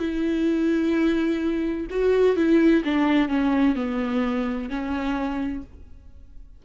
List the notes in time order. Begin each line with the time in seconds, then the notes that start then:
0.00 E4
1.90 F#4
2.37 E4
2.85 D4
3.29 C#4
3.76 B3
4.70 C#4